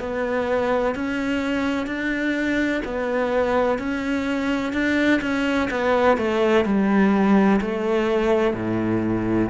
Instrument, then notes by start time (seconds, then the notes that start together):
cello
0.00 B3
0.96 C#4
1.87 D4
2.85 B3
3.79 C#4
4.73 D4
5.22 C#4
5.71 B3
6.18 A3
6.65 G3
7.61 A3
8.54 A2